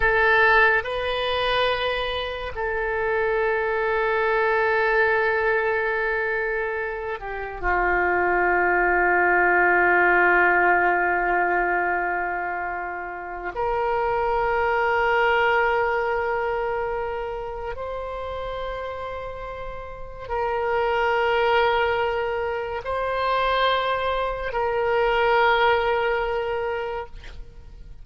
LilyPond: \new Staff \with { instrumentName = "oboe" } { \time 4/4 \tempo 4 = 71 a'4 b'2 a'4~ | a'1~ | a'8 g'8 f'2.~ | f'1 |
ais'1~ | ais'4 c''2. | ais'2. c''4~ | c''4 ais'2. | }